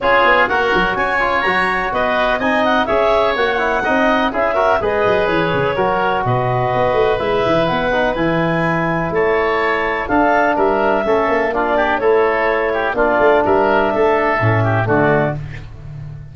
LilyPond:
<<
  \new Staff \with { instrumentName = "clarinet" } { \time 4/4 \tempo 4 = 125 cis''4 fis''4 gis''4 ais''4 | dis''4 gis''8 fis''8 e''4 fis''4~ | fis''4 e''4 dis''4 cis''4~ | cis''4 dis''2 e''4 |
fis''4 gis''2 a''4~ | a''4 f''4 e''2 | d''4 cis''2 d''4 | e''2. d''4 | }
  \new Staff \with { instrumentName = "oboe" } { \time 4/4 gis'4 ais'4 cis''2 | b'4 dis''4 cis''2 | dis''4 gis'8 ais'8 b'2 | ais'4 b'2.~ |
b'2. cis''4~ | cis''4 a'4 ais'4 a'4 | f'8 g'8 a'4. g'8 f'4 | ais'4 a'4. g'8 fis'4 | }
  \new Staff \with { instrumentName = "trombone" } { \time 4/4 f'4 fis'4. f'8 fis'4~ | fis'4 dis'4 gis'4 fis'8 e'8 | dis'4 e'8 fis'8 gis'2 | fis'2. e'4~ |
e'8 dis'8 e'2.~ | e'4 d'2 cis'4 | d'4 e'2 d'4~ | d'2 cis'4 a4 | }
  \new Staff \with { instrumentName = "tuba" } { \time 4/4 cis'8 b8 ais8 fis8 cis'4 fis4 | b4 c'4 cis'4 ais4 | c'4 cis'4 gis8 fis8 e8 cis8 | fis4 b,4 b8 a8 gis8 e8 |
b4 e2 a4~ | a4 d'4 g4 a8 ais8~ | ais4 a2 ais8 a8 | g4 a4 a,4 d4 | }
>>